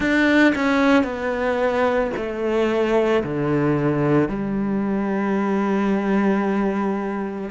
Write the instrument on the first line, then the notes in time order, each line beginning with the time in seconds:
cello
0.00 D4
0.55 C#4
1.03 B3
2.16 A3
3.23 D3
4.29 G3